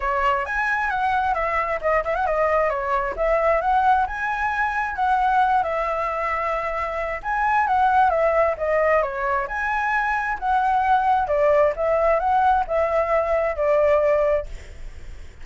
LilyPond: \new Staff \with { instrumentName = "flute" } { \time 4/4 \tempo 4 = 133 cis''4 gis''4 fis''4 e''4 | dis''8 e''16 fis''16 dis''4 cis''4 e''4 | fis''4 gis''2 fis''4~ | fis''8 e''2.~ e''8 |
gis''4 fis''4 e''4 dis''4 | cis''4 gis''2 fis''4~ | fis''4 d''4 e''4 fis''4 | e''2 d''2 | }